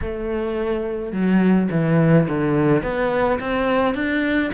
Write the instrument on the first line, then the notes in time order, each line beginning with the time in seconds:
cello
0.01 A3
1.12 F#3
1.71 E3
2.28 D3
2.82 B3
3.40 C4
3.94 D4